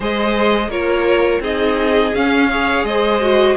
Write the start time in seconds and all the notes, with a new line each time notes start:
0.00 G#3 G#4 C5 D#5
0.68 A#3 F4 A#4 C#5
1.40 C4 D#4 G#4 D#5
2.14 C#4 F5
2.50 G#4 C#5
2.83 G#3 C5 D#5
3.21 F#4